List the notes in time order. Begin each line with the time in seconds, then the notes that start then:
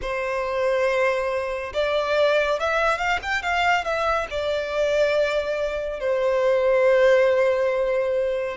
0.01 C5
1.73 D5
2.59 E5
2.98 F5
3.22 G5
3.42 F5
3.84 E5
4.30 D5
6.00 C5